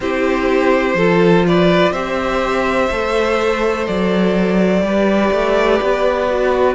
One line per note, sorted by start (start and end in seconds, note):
0.00 0.94 C4
0.00 0.98 E4
0.00 0.97 G4
0.00 1.46 C5
0.94 1.91 F3
0.94 1.94 F4
0.94 1.45 A4
1.47 1.92 B4
1.47 1.92 D5
1.91 2.88 C4
1.91 2.91 G4
1.91 4.83 C5
1.91 3.86 E5
2.91 3.87 A3
2.91 4.83 A4
3.86 4.81 F#3
3.86 6.75 D5
4.81 5.30 G3
4.81 6.28 G4
4.81 6.75 B4
5.31 5.79 A3
5.82 6.75 B3
6.30 6.75 F#4